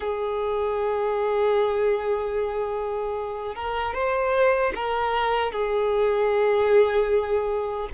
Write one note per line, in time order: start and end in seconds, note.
0.00 3.55 G#4
3.55 3.93 A#4
3.93 4.72 C5
4.75 5.52 A#4
5.52 7.88 G#4